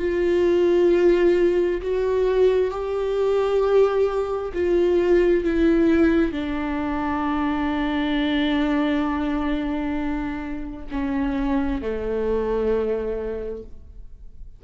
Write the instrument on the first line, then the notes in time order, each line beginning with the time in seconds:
viola
0.00 F4
1.82 F#4
2.71 G4
4.54 F4
5.44 E4
6.32 D4
10.92 C#4
11.82 A3